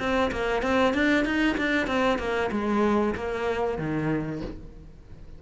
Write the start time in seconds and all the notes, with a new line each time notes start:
0.00 C4
0.32 A#3
0.63 C4
0.94 D4
1.25 D#4
1.58 D4
1.87 C4
2.19 A#3
2.52 G#3
3.16 A#3
3.79 D#3